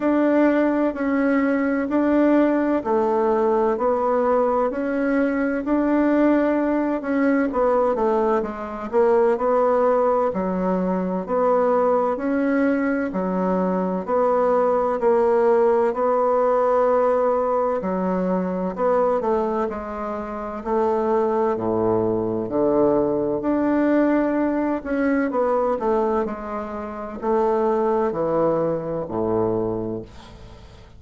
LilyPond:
\new Staff \with { instrumentName = "bassoon" } { \time 4/4 \tempo 4 = 64 d'4 cis'4 d'4 a4 | b4 cis'4 d'4. cis'8 | b8 a8 gis8 ais8 b4 fis4 | b4 cis'4 fis4 b4 |
ais4 b2 fis4 | b8 a8 gis4 a4 a,4 | d4 d'4. cis'8 b8 a8 | gis4 a4 e4 a,4 | }